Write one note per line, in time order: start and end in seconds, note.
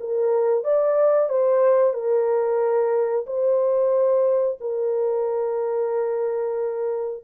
0.00 0.64 A#4
0.64 1.29 D5
1.29 1.94 C5
1.94 3.26 A#4
3.27 4.59 C5
4.61 7.24 A#4